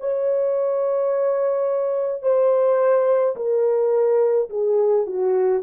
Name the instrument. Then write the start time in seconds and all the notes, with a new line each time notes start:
horn
0.00 C#5
2.23 C5
3.36 A#4
4.50 G#4
5.06 F#4